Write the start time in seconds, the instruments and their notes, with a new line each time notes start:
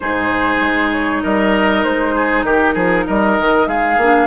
0.00 bassoon G#2, clarinet D#4, oboe G#4, flute C5
0.61 bassoon G#3
0.92 flute C#5
1.22 bassoon G3, oboe A#4, flute D#5
1.83 bassoon G#3, flute C5
2.15 oboe G#4
2.43 bassoon D#3, oboe G4, flute A#4
2.73 bassoon F3, oboe G#4
3.07 bassoon G3, oboe A#4, flute D#5
3.38 bassoon D#3
3.67 bassoon G#3, oboe G#4, flute F5
3.97 bassoon A#3, clarinet D4